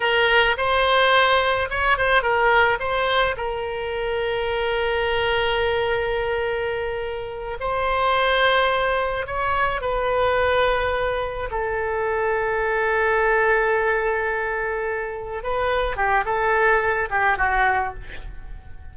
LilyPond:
\new Staff \with { instrumentName = "oboe" } { \time 4/4 \tempo 4 = 107 ais'4 c''2 cis''8 c''8 | ais'4 c''4 ais'2~ | ais'1~ | ais'4. c''2~ c''8~ |
c''8 cis''4 b'2~ b'8~ | b'8 a'2.~ a'8~ | a'2.~ a'8 b'8~ | b'8 g'8 a'4. g'8 fis'4 | }